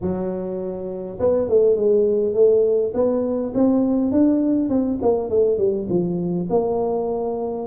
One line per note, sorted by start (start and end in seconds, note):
0.01 1.18 F#3
1.19 1.48 B3
1.48 1.76 A3
1.76 2.34 G#3
2.34 2.93 A3
2.94 3.53 B3
3.54 4.11 C4
4.11 4.69 D4
4.69 4.98 C4
5.02 5.29 A#3
5.29 5.58 A3
5.58 5.87 G3
5.89 6.48 F3
6.49 7.67 A#3